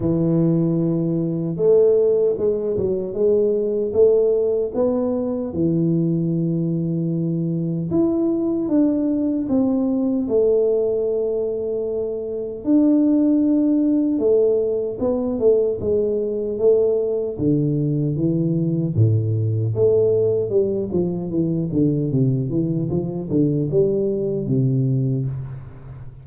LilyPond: \new Staff \with { instrumentName = "tuba" } { \time 4/4 \tempo 4 = 76 e2 a4 gis8 fis8 | gis4 a4 b4 e4~ | e2 e'4 d'4 | c'4 a2. |
d'2 a4 b8 a8 | gis4 a4 d4 e4 | a,4 a4 g8 f8 e8 d8 | c8 e8 f8 d8 g4 c4 | }